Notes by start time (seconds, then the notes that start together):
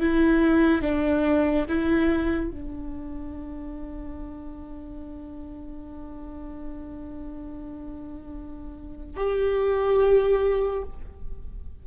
0.00 E4
0.81 D4
1.68 E4
2.50 D4
9.16 G4